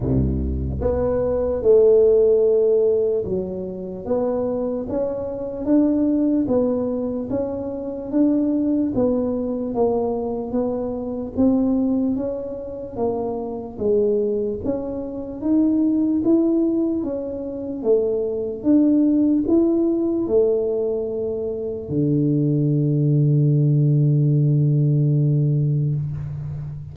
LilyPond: \new Staff \with { instrumentName = "tuba" } { \time 4/4 \tempo 4 = 74 c,4 b4 a2 | fis4 b4 cis'4 d'4 | b4 cis'4 d'4 b4 | ais4 b4 c'4 cis'4 |
ais4 gis4 cis'4 dis'4 | e'4 cis'4 a4 d'4 | e'4 a2 d4~ | d1 | }